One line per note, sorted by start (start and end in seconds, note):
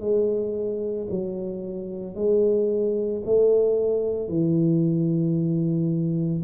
0.00 1.07 G#3
1.10 2.15 F#3
2.15 3.22 G#3
3.25 4.29 A3
4.29 6.43 E3